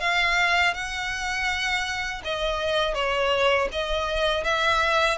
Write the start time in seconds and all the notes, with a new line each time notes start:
0.00 F5
0.74 F#5
2.25 D#5
2.94 C#5
3.72 D#5
4.44 E5